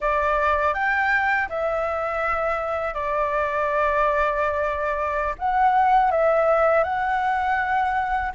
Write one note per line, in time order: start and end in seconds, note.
0.00 0.74 D5
0.74 1.48 G5
1.49 2.94 E5
2.94 5.34 D5
5.38 6.11 F#5
6.11 6.84 E5
6.84 8.32 F#5